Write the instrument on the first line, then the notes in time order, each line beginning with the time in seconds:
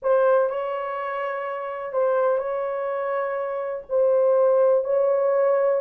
horn
0.02 C5
0.49 C#5
1.92 C5
2.38 C#5
3.89 C5
4.84 C#5